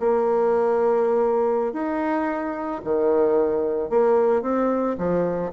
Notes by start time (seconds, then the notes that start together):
0.00 A#3
1.73 D#4
2.85 D#3
3.90 A#3
4.43 C4
4.98 F3